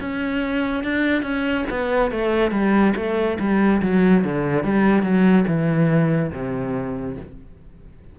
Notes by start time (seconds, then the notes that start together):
0.00 C#4
0.83 D4
1.22 C#4
1.70 B3
2.11 A3
2.51 G3
2.96 A3
3.39 G3
3.82 F#3
4.24 D3
4.63 G3
5.02 F#3
5.47 E3
6.32 C3